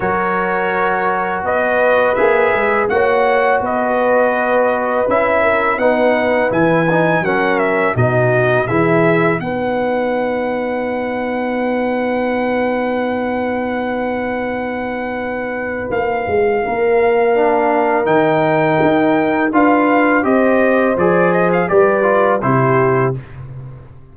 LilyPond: <<
  \new Staff \with { instrumentName = "trumpet" } { \time 4/4 \tempo 4 = 83 cis''2 dis''4 e''4 | fis''4 dis''2 e''4 | fis''4 gis''4 fis''8 e''8 dis''4 | e''4 fis''2.~ |
fis''1~ | fis''2 f''2~ | f''4 g''2 f''4 | dis''4 d''8 dis''16 f''16 d''4 c''4 | }
  \new Staff \with { instrumentName = "horn" } { \time 4/4 ais'2 b'2 | cis''4 b'2~ b'8 ais'8 | b'2 ais'4 fis'4 | gis'4 b'2.~ |
b'1~ | b'2. ais'4~ | ais'2. b'4 | c''2 b'4 g'4 | }
  \new Staff \with { instrumentName = "trombone" } { \time 4/4 fis'2. gis'4 | fis'2. e'4 | dis'4 e'8 dis'8 cis'4 dis'4 | e'4 dis'2.~ |
dis'1~ | dis'1 | d'4 dis'2 f'4 | g'4 gis'4 g'8 f'8 e'4 | }
  \new Staff \with { instrumentName = "tuba" } { \time 4/4 fis2 b4 ais8 gis8 | ais4 b2 cis'4 | b4 e4 fis4 b,4 | e4 b2.~ |
b1~ | b2 ais8 gis8 ais4~ | ais4 dis4 dis'4 d'4 | c'4 f4 g4 c4 | }
>>